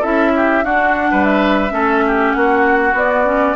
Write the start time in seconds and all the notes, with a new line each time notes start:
0.00 C#4 E4 A4 E5
0.36 G4
0.64 D4 F#4 F#5
1.11 G3 B4
1.24 E5
1.69 A3 C#4 A4
2.06 G4
2.32 A#3 F#4 F#5
2.93 B3 D5
2.99 B3
3.25 C#4